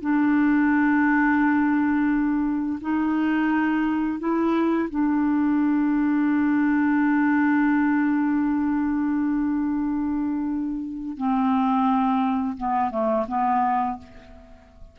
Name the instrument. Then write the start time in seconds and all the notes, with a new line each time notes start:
clarinet
0.00 D4
2.80 D#4
4.19 E4
4.89 D4
11.17 C4
12.57 B3
12.90 A3
13.28 B3